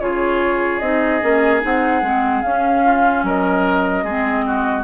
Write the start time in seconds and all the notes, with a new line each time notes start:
0.00 C#3 F4 G#4 C#5
0.79 C4 D#4 D#5
1.21 A#3 C#4
1.60 C4 D#4 F#5
2.02 G#3 C4
2.42 C#4 F5
2.84 F4
3.23 F#3 A#4 D#5
4.03 G#3 C4 G#4
4.46 F#4